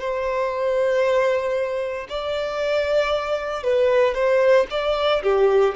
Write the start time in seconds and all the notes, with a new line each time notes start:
0.00 C5
2.09 D5
3.63 B4
4.14 C5
4.70 D5
5.22 G4